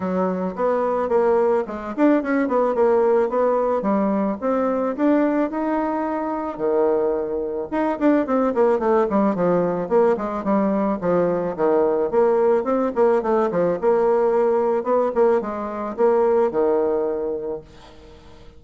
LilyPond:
\new Staff \with { instrumentName = "bassoon" } { \time 4/4 \tempo 4 = 109 fis4 b4 ais4 gis8 d'8 | cis'8 b8 ais4 b4 g4 | c'4 d'4 dis'2 | dis2 dis'8 d'8 c'8 ais8 |
a8 g8 f4 ais8 gis8 g4 | f4 dis4 ais4 c'8 ais8 | a8 f8 ais2 b8 ais8 | gis4 ais4 dis2 | }